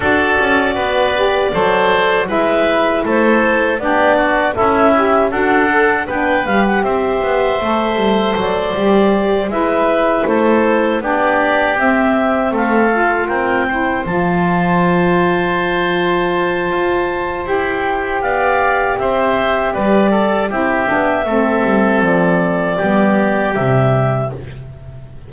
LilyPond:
<<
  \new Staff \with { instrumentName = "clarinet" } { \time 4/4 \tempo 4 = 79 d''2. e''4 | c''4 d''4 e''4 fis''4 | g''8 f''16 fis''16 e''2 d''4~ | d''8 e''4 c''4 d''4 e''8~ |
e''8 f''4 g''4 a''4.~ | a''2. g''4 | f''4 e''4 d''4 e''4~ | e''4 d''2 e''4 | }
  \new Staff \with { instrumentName = "oboe" } { \time 4/4 a'4 b'4 c''4 b'4 | a'4 g'8 fis'8 e'4 a'4 | b'4 c''2.~ | c''8 b'4 a'4 g'4.~ |
g'8 a'4 ais'8 c''2~ | c''1 | d''4 c''4 b'8 a'8 g'4 | a'2 g'2 | }
  \new Staff \with { instrumentName = "saxophone" } { \time 4/4 fis'4. g'8 a'4 e'4~ | e'4 d'4 a'8 g'8 fis'8 a'8 | d'8 g'4. a'4. g'8~ | g'8 e'2 d'4 c'8~ |
c'4 f'4 e'8 f'4.~ | f'2. g'4~ | g'2. e'8 d'8 | c'2 b4 g4 | }
  \new Staff \with { instrumentName = "double bass" } { \time 4/4 d'8 cis'8 b4 fis4 gis4 | a4 b4 cis'4 d'4 | b8 g8 c'8 b8 a8 g8 fis8 g8~ | g8 gis4 a4 b4 c'8~ |
c'8 a4 c'4 f4.~ | f2 f'4 e'4 | b4 c'4 g4 c'8 b8 | a8 g8 f4 g4 c4 | }
>>